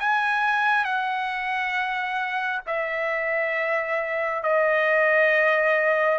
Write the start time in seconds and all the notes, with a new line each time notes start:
0.00 G#5
0.85 F#5
2.67 E5
4.43 D#5